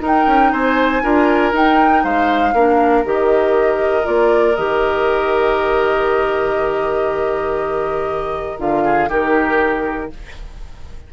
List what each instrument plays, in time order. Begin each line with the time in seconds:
0.00 bassoon D#4, clarinet D#4, oboe A#4
0.06 flute G5
0.26 bassoon C#4
0.52 bassoon C4, oboe C5, flute G#5
1.02 bassoon D4, clarinet F4, oboe A#4
1.52 bassoon D#4, clarinet D#4, flute G5
2.04 bassoon G#3, oboe C5, flute F5
2.53 bassoon A#3, clarinet D4, oboe A#4
3.05 bassoon D#3, clarinet G4, flute D#5
4.03 bassoon A#3, clarinet F4, flute D5
4.56 bassoon D#3, clarinet G4, flute D#5
8.58 bassoon D3, clarinet F4, flute F5
8.84 oboe G#4
9.08 bassoon D#3, clarinet D#4, oboe G4, flute A#4